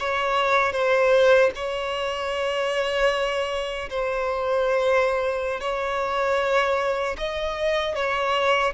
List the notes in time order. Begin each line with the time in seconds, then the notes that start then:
0.00 C#5
0.73 C5
1.56 C#5
3.90 C5
5.61 C#5
7.18 D#5
7.96 C#5